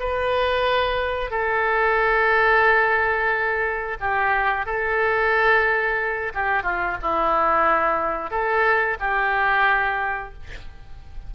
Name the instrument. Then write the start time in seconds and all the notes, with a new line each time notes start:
oboe
0.00 B4
1.31 A4
4.01 G4
4.66 A4
6.35 G4
6.63 F4
7.02 E4
8.31 A4
9.00 G4